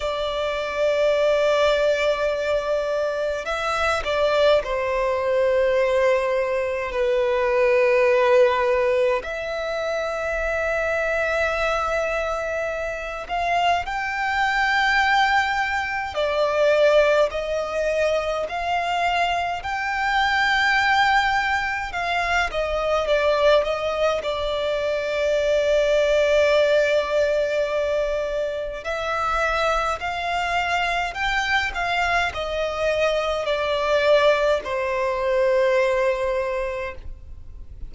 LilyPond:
\new Staff \with { instrumentName = "violin" } { \time 4/4 \tempo 4 = 52 d''2. e''8 d''8 | c''2 b'2 | e''2.~ e''8 f''8 | g''2 d''4 dis''4 |
f''4 g''2 f''8 dis''8 | d''8 dis''8 d''2.~ | d''4 e''4 f''4 g''8 f''8 | dis''4 d''4 c''2 | }